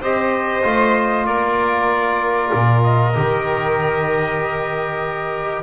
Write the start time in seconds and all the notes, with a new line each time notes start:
0.00 C4 G4 C5 D#5
0.63 A3 F4
1.26 A#3 A#4 D5
2.54 A#2
2.84 D#5
3.14 D#3 G4